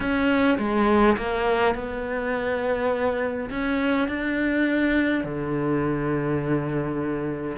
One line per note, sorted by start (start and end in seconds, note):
0.00 0.58 C#4
0.58 1.16 G#3
1.17 1.74 A#3
1.74 3.49 B3
3.50 4.08 C#4
4.08 5.23 D4
5.23 7.56 D3